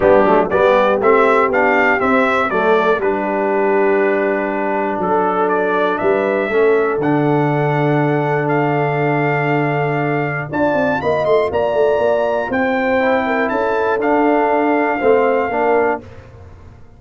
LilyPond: <<
  \new Staff \with { instrumentName = "trumpet" } { \time 4/4 \tempo 4 = 120 g'4 d''4 e''4 f''4 | e''4 d''4 b'2~ | b'2 a'4 d''4 | e''2 fis''2~ |
fis''4 f''2.~ | f''4 a''4 b''8 c'''8 ais''4~ | ais''4 g''2 a''4 | f''1 | }
  \new Staff \with { instrumentName = "horn" } { \time 4/4 d'4 g'2.~ | g'4 a'4 g'2~ | g'2 a'2 | b'4 a'2.~ |
a'1~ | a'4 d''4 dis''4 d''4~ | d''4 c''4. ais'8 a'4~ | a'2 c''4 ais'4 | }
  \new Staff \with { instrumentName = "trombone" } { \time 4/4 b8 a8 b4 c'4 d'4 | c'4 a4 d'2~ | d'1~ | d'4 cis'4 d'2~ |
d'1~ | d'4 f'2.~ | f'2 e'2 | d'2 c'4 d'4 | }
  \new Staff \with { instrumentName = "tuba" } { \time 4/4 g8 fis8 g4 a4 b4 | c'4 fis4 g2~ | g2 fis2 | g4 a4 d2~ |
d1~ | d4 d'8 c'8 ais8 a8 ais8 a8 | ais4 c'2 cis'4 | d'2 a4 ais4 | }
>>